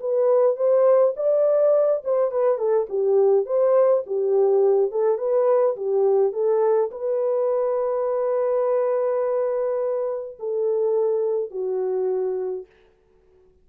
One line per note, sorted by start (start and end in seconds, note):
0.00 0.57 B4
0.57 1.14 C5
1.16 2.03 D5
2.05 2.32 C5
2.32 2.58 B4
2.58 2.87 A4
2.90 3.46 G4
3.46 4.03 C5
4.07 4.91 G4
4.91 5.18 A4
5.18 5.76 B4
5.77 6.33 G4
6.33 6.90 A4
6.91 10.37 B4
10.39 11.51 A4
11.51 12.66 F#4